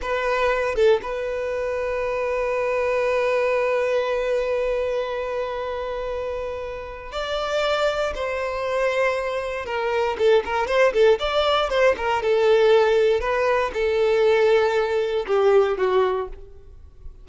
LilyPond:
\new Staff \with { instrumentName = "violin" } { \time 4/4 \tempo 4 = 118 b'4. a'8 b'2~ | b'1~ | b'1~ | b'2 d''2 |
c''2. ais'4 | a'8 ais'8 c''8 a'8 d''4 c''8 ais'8 | a'2 b'4 a'4~ | a'2 g'4 fis'4 | }